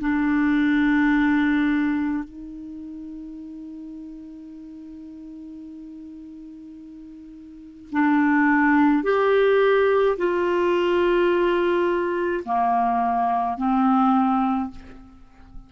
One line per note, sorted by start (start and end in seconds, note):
0.00 2.23 D4
2.23 7.89 D#4
7.91 9.03 D4
9.03 10.16 G4
10.17 12.43 F4
12.45 13.57 A#3
13.57 14.70 C4